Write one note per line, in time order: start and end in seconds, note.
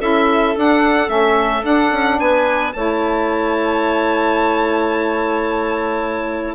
0.00 0.56 C#4
0.00 0.55 E4
0.00 2.18 A4
0.00 0.56 E5
0.56 1.08 D4
0.56 1.09 D4
0.56 1.10 F#5
1.08 1.64 A3
1.08 1.62 C#4
1.08 1.64 E5
1.64 2.73 D4
1.64 1.92 D4
1.64 2.20 F#5
1.92 2.19 C#4
2.20 2.75 B3
2.20 2.74 B4
2.20 2.73 G#5
2.73 6.55 A3
2.73 6.55 E4
2.73 6.55 C#5
2.73 6.55 A5